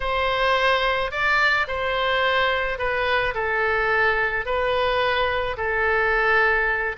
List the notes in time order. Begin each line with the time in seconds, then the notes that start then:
0.00 C5
1.11 D5
1.67 C5
2.78 B4
3.34 A4
4.45 B4
5.57 A4